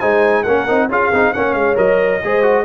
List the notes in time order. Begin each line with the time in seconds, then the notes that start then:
0.00 G#3 D#4 C5 G#5
0.44 A#3 C#4 A#4 F#5
0.68 C4 D#4
0.89 C#4 F4 G#4 F5
1.13 C4 D#4
1.34 A#3 C#4 C#5 F#5
1.54 G#3 F5
1.76 F#3 A#4 D#5
2.24 G#3 G#4 C5
2.43 F#4